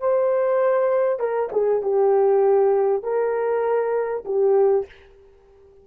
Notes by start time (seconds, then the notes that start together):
0.00 C5
1.19 A#4
1.52 G#4
1.82 G4
3.03 A#4
4.25 G4